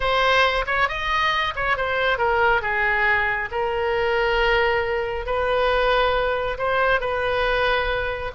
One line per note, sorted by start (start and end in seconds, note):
0.00 0.65 C5
0.66 0.88 C#5
0.88 1.53 D#5
1.55 1.76 C#5
1.76 2.18 C5
2.18 2.61 A#4
2.61 3.49 G#4
3.51 5.26 A#4
5.26 6.57 B4
6.58 7.00 C5
7.00 8.31 B4